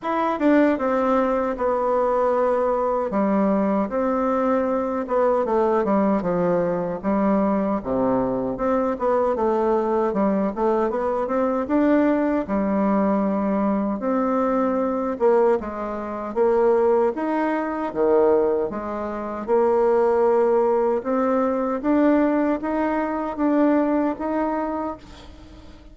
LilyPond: \new Staff \with { instrumentName = "bassoon" } { \time 4/4 \tempo 4 = 77 e'8 d'8 c'4 b2 | g4 c'4. b8 a8 g8 | f4 g4 c4 c'8 b8 | a4 g8 a8 b8 c'8 d'4 |
g2 c'4. ais8 | gis4 ais4 dis'4 dis4 | gis4 ais2 c'4 | d'4 dis'4 d'4 dis'4 | }